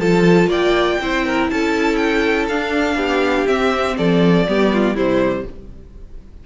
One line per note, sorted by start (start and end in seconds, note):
0.00 0.48 F3
0.00 1.01 F4
0.00 0.49 A4
0.00 0.50 A5
0.48 0.97 A#3
0.48 0.98 D5
0.48 1.51 G5
1.01 1.50 C4
1.01 2.51 E4
1.01 1.26 C5
1.26 1.51 A#4
1.51 2.50 C#4
1.51 2.97 A4
1.51 1.97 A5
1.97 2.46 G5
2.49 2.95 D4
2.49 3.47 D4
2.49 3.48 F5
2.95 3.45 B3
2.95 3.96 G4
3.47 4.46 C4
3.47 3.97 C4
3.47 3.97 E5
3.98 4.47 F3
3.98 4.48 A4
3.98 4.97 D5
4.47 4.95 G3
4.47 4.96 B3
4.47 4.73 G4
4.73 4.95 F4
4.95 5.45 C3
4.95 5.46 G3
4.95 5.45 E4
4.95 5.47 C5